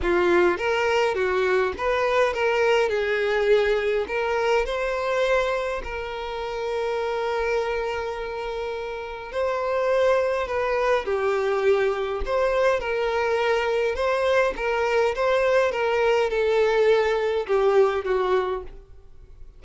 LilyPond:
\new Staff \with { instrumentName = "violin" } { \time 4/4 \tempo 4 = 103 f'4 ais'4 fis'4 b'4 | ais'4 gis'2 ais'4 | c''2 ais'2~ | ais'1 |
c''2 b'4 g'4~ | g'4 c''4 ais'2 | c''4 ais'4 c''4 ais'4 | a'2 g'4 fis'4 | }